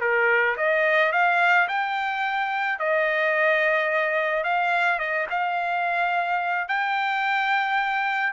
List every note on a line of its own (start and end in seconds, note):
0.00 0.56 A#4
0.57 1.12 D#5
1.12 1.67 F5
1.68 2.79 G5
2.79 4.44 D#5
4.44 4.98 F5
4.98 5.26 D#5
5.30 6.68 F5
6.68 8.33 G5